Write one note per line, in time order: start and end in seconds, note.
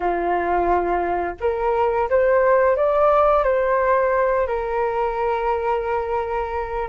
0.00 1.35 F4
1.40 2.09 A#4
2.09 2.76 C5
2.76 3.43 D5
3.43 4.47 C5
4.47 6.88 A#4